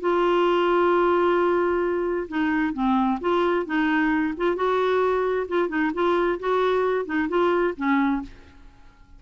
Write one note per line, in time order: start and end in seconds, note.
0.00 2.27 F4
2.28 2.73 D#4
2.73 3.19 C4
3.20 3.66 F4
3.66 4.34 D#4
4.37 4.56 F4
4.56 5.47 F#4
5.48 5.68 F4
5.68 5.91 D#4
5.94 6.39 F4
6.39 7.05 F#4
7.05 7.28 D#4
7.29 7.74 F4
7.77 8.22 C#4